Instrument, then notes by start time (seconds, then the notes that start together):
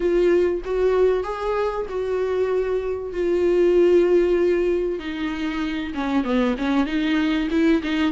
viola
0.00 F4
0.64 F#4
1.23 G#4
1.89 F#4
3.12 F4
4.99 D#4
5.94 C#4
6.24 B3
6.58 C#4
6.86 D#4
7.50 E4
7.82 D#4